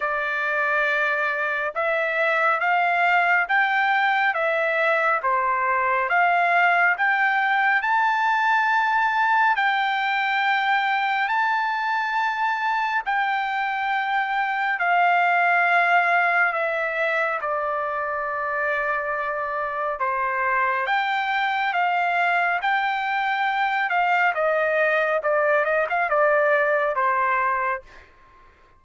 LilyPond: \new Staff \with { instrumentName = "trumpet" } { \time 4/4 \tempo 4 = 69 d''2 e''4 f''4 | g''4 e''4 c''4 f''4 | g''4 a''2 g''4~ | g''4 a''2 g''4~ |
g''4 f''2 e''4 | d''2. c''4 | g''4 f''4 g''4. f''8 | dis''4 d''8 dis''16 f''16 d''4 c''4 | }